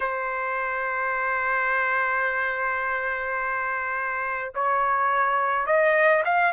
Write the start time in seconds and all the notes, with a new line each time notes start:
0.00 C5
4.54 C#5
5.66 D#5
6.24 F5